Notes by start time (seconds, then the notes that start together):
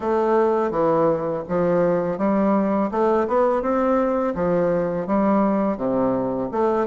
0.00 A3
0.70 E3
1.48 F3
2.18 G3
2.91 A3
3.27 B3
3.61 C4
4.34 F3
5.06 G3
5.77 C3
6.51 A3